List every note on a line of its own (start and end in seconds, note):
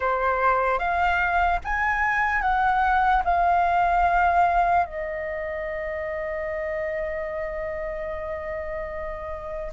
0.00 0.78 C5
0.78 1.59 F5
1.64 2.41 G#5
2.41 3.22 F#5
3.24 4.85 F5
4.85 9.72 D#5